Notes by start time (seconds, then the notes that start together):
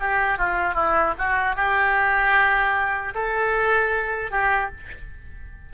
0.00 G4
0.38 F4
0.74 E4
1.18 F#4
1.56 G4
3.15 A4
4.31 G4